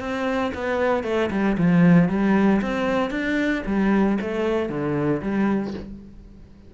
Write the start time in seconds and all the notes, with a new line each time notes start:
0.00 C4
0.55 B3
1.04 A3
1.31 G3
1.58 F3
2.09 G3
2.62 C4
3.11 D4
3.66 G3
4.21 A3
4.69 D3
5.22 G3